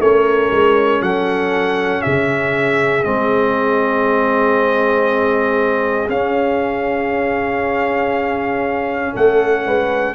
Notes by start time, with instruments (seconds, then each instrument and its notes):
0.00 tuba A3, trombone C#4, horn A#4, trumpet C#5
0.51 tuba G#3
1.01 tuba F#3, horn A4, trumpet F#5
2.02 tuba C#3, horn G#4, trumpet E5
3.03 tuba G#3, trombone C4, trumpet D#5
6.09 tuba C#4, trombone C#4, trumpet F5
9.13 tuba A3, horn A4, trumpet F#5
9.66 tuba G#3, horn B4